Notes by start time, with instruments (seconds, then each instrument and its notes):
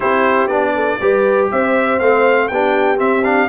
0.00 tuba C4, trombone E4, horn G4, trumpet C5
0.47 tuba B3, trombone D4, trumpet D5
0.75 horn A4
1.01 tuba G3, trombone G4, horn B4
1.51 tuba C4, horn C5, trumpet E5
1.99 tuba A3, trombone C4, trumpet F5
2.48 tuba B3, trombone D4, horn G4, trumpet G5
2.97 trombone C4, tuba C4, trumpet E5
3.24 trombone D4, trumpet F5